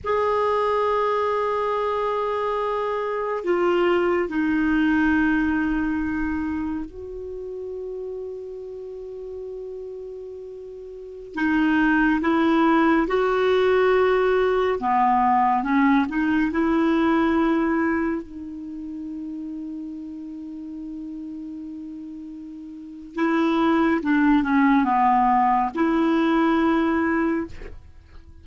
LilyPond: \new Staff \with { instrumentName = "clarinet" } { \time 4/4 \tempo 4 = 70 gis'1 | f'4 dis'2. | fis'1~ | fis'4~ fis'16 dis'4 e'4 fis'8.~ |
fis'4~ fis'16 b4 cis'8 dis'8 e'8.~ | e'4~ e'16 dis'2~ dis'8.~ | dis'2. e'4 | d'8 cis'8 b4 e'2 | }